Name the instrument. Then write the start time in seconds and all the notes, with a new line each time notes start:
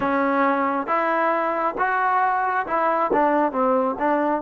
trombone
0.00 C#4
0.87 E4
1.78 F#4
2.67 E4
3.12 D4
3.51 C4
3.99 D4